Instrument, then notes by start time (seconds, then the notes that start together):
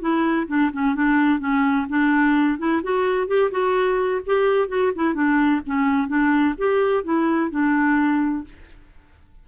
clarinet
0.00 E4
0.47 D4
0.73 C#4
0.95 D4
1.39 C#4
1.89 D4
2.58 E4
2.83 F#4
3.27 G4
3.51 F#4
4.26 G4
4.68 F#4
4.95 E4
5.14 D4
5.66 C#4
6.08 D4
6.58 G4
7.04 E4
7.50 D4